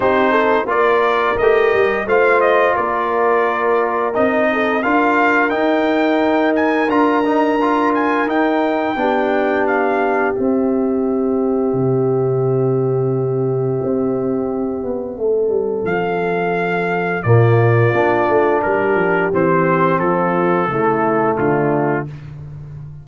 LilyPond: <<
  \new Staff \with { instrumentName = "trumpet" } { \time 4/4 \tempo 4 = 87 c''4 d''4 dis''4 f''8 dis''8 | d''2 dis''4 f''4 | g''4. gis''8 ais''4. gis''8 | g''2 f''4 e''4~ |
e''1~ | e''2. f''4~ | f''4 d''2 ais'4 | c''4 a'2 f'4 | }
  \new Staff \with { instrumentName = "horn" } { \time 4/4 g'8 a'8 ais'2 c''4 | ais'2~ ais'8 a'8 ais'4~ | ais'1~ | ais'4 g'2.~ |
g'1~ | g'2 a'2~ | a'4 f'2 g'4~ | g'4 f'4 e'4 d'4 | }
  \new Staff \with { instrumentName = "trombone" } { \time 4/4 dis'4 f'4 g'4 f'4~ | f'2 dis'4 f'4 | dis'2 f'8 dis'8 f'4 | dis'4 d'2 c'4~ |
c'1~ | c'1~ | c'4 ais4 d'2 | c'2 a2 | }
  \new Staff \with { instrumentName = "tuba" } { \time 4/4 c'4 ais4 a8 g8 a4 | ais2 c'4 d'4 | dis'2 d'2 | dis'4 b2 c'4~ |
c'4 c2. | c'4. b8 a8 g8 f4~ | f4 ais,4 ais8 a8 g8 f8 | e4 f4 cis4 d4 | }
>>